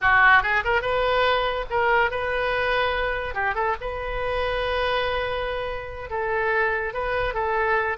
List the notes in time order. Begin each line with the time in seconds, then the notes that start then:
0.01 F#4
0.42 G#4
0.64 A#4
0.81 B4
1.70 A#4
2.11 B4
3.34 G4
3.54 A4
3.80 B4
6.10 A4
6.93 B4
7.34 A4